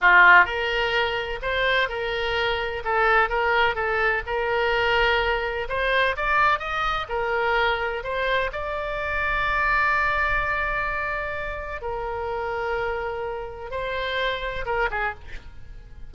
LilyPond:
\new Staff \with { instrumentName = "oboe" } { \time 4/4 \tempo 4 = 127 f'4 ais'2 c''4 | ais'2 a'4 ais'4 | a'4 ais'2. | c''4 d''4 dis''4 ais'4~ |
ais'4 c''4 d''2~ | d''1~ | d''4 ais'2.~ | ais'4 c''2 ais'8 gis'8 | }